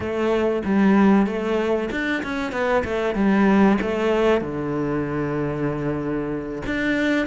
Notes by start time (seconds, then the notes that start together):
0.00 A3
0.65 G3
1.26 A3
1.91 D4
2.22 C#4
2.51 B3
2.84 A3
3.14 G3
3.81 A3
4.41 D3
6.65 D4